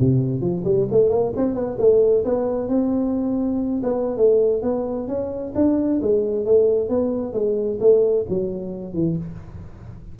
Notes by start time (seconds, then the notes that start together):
0.00 C3
0.41 F3
0.65 G3
0.91 A3
1.10 A#3
1.37 C4
1.55 B3
1.79 A3
2.25 B3
2.68 C4
3.83 B3
4.17 A3
4.63 B3
5.08 C#4
5.55 D4
6.02 G#3
6.45 A3
6.89 B3
7.33 G#3
7.81 A3
8.29 F#3
8.94 E3